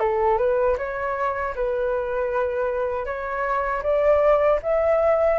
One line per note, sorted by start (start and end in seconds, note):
0.00 0.38 A4
0.38 0.77 B4
0.78 1.55 C#5
1.56 3.06 B4
3.06 3.83 C#5
3.83 4.60 D5
4.63 5.39 E5